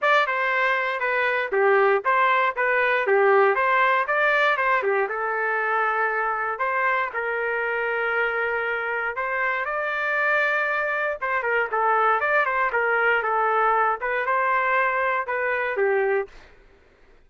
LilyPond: \new Staff \with { instrumentName = "trumpet" } { \time 4/4 \tempo 4 = 118 d''8 c''4. b'4 g'4 | c''4 b'4 g'4 c''4 | d''4 c''8 g'8 a'2~ | a'4 c''4 ais'2~ |
ais'2 c''4 d''4~ | d''2 c''8 ais'8 a'4 | d''8 c''8 ais'4 a'4. b'8 | c''2 b'4 g'4 | }